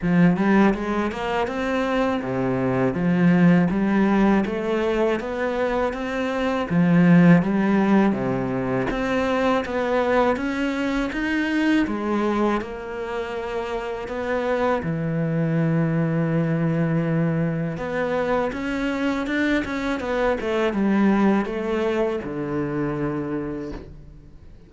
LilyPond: \new Staff \with { instrumentName = "cello" } { \time 4/4 \tempo 4 = 81 f8 g8 gis8 ais8 c'4 c4 | f4 g4 a4 b4 | c'4 f4 g4 c4 | c'4 b4 cis'4 dis'4 |
gis4 ais2 b4 | e1 | b4 cis'4 d'8 cis'8 b8 a8 | g4 a4 d2 | }